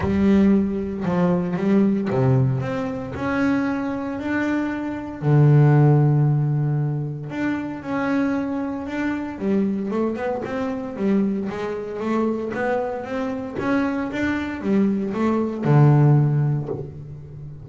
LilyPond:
\new Staff \with { instrumentName = "double bass" } { \time 4/4 \tempo 4 = 115 g2 f4 g4 | c4 c'4 cis'2 | d'2 d2~ | d2 d'4 cis'4~ |
cis'4 d'4 g4 a8 b8 | c'4 g4 gis4 a4 | b4 c'4 cis'4 d'4 | g4 a4 d2 | }